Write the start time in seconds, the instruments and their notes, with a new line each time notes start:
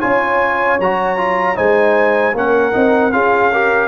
0.00 tuba C#4, trombone F4, horn C#5, trumpet G#5
0.79 tuba F#3, trombone F#4, trumpet A#5
1.17 trombone F4
1.55 tuba G#3, trombone D#4, horn C5, trumpet G#5
2.33 tuba A#3, trombone C#4, horn A#4, trumpet F#5
2.72 tuba C4, trombone D#4
3.12 tuba C#4, trombone F4, horn G#4, trumpet F5
3.51 trombone G4, horn A#4